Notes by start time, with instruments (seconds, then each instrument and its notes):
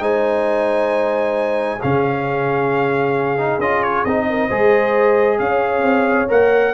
0.00 tuba G#3, trombone D#4, horn C5, trumpet G#5
1.79 tuba C#3, trombone C#4, horn G#4, trumpet F5
3.38 trombone D#4
3.59 tuba C#4, trombone F4, trumpet D#5
3.83 trumpet C#5
4.05 tuba C4, trombone D#4, trumpet D#5
4.30 horn A#4
4.48 tuba G#3, trombone G#4, horn C5
5.40 tuba C#4, horn C#5, trumpet F5
5.83 tuba C4
6.29 tuba A#3, trombone A#4, trumpet F#5